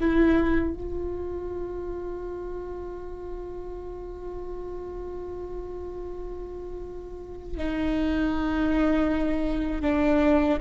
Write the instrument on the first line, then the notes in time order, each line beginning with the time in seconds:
viola
0.00 E4
0.74 F4
7.57 D#4
9.82 D4